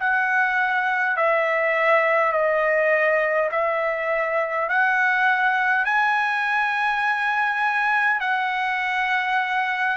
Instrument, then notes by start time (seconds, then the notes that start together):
trumpet
0.00 F#5
1.17 E5
2.33 D#5
3.51 E5
4.69 F#5
5.85 G#5
8.20 F#5